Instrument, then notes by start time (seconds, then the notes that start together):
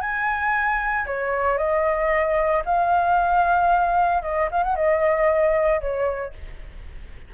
flute
0.00 G#5
1.06 C#5
1.57 D#5
2.65 F5
4.22 D#5
4.51 F5
4.63 F#5
4.75 D#5
5.80 C#5